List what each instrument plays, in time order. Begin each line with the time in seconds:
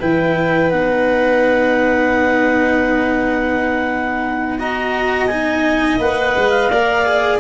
0.00 tuba E3, cello E4, violin B4, clarinet G5
0.71 tuba B3, cello D#4, clarinet F#5
4.59 cello F#4, violin D#5, clarinet A#5
5.27 cello D#4, clarinet G#5
5.99 tuba A#3, cello B4, clarinet F#5
6.36 tuba G#3
6.50 clarinet F5
6.70 tuba A#3, cello A#4, violin D5
7.05 cello G#4